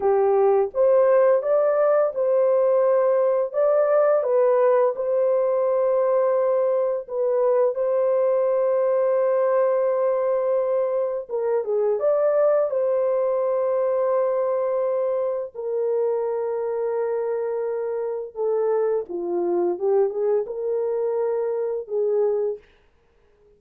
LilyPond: \new Staff \with { instrumentName = "horn" } { \time 4/4 \tempo 4 = 85 g'4 c''4 d''4 c''4~ | c''4 d''4 b'4 c''4~ | c''2 b'4 c''4~ | c''1 |
ais'8 gis'8 d''4 c''2~ | c''2 ais'2~ | ais'2 a'4 f'4 | g'8 gis'8 ais'2 gis'4 | }